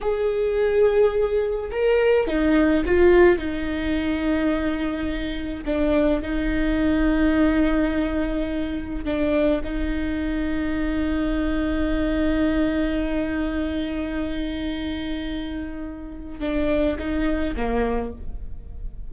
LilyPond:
\new Staff \with { instrumentName = "viola" } { \time 4/4 \tempo 4 = 106 gis'2. ais'4 | dis'4 f'4 dis'2~ | dis'2 d'4 dis'4~ | dis'1 |
d'4 dis'2.~ | dis'1~ | dis'1~ | dis'4 d'4 dis'4 ais4 | }